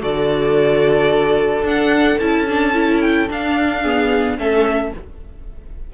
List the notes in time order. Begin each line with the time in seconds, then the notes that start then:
0.00 D3 F#4 A4 D5
1.62 D4 F#5
2.20 C#4 E4 A5
2.49 D4
2.74 E4
3.01 G5
3.29 D4 F5
3.82 B3 G#4
4.38 A3 C#4 A4 E5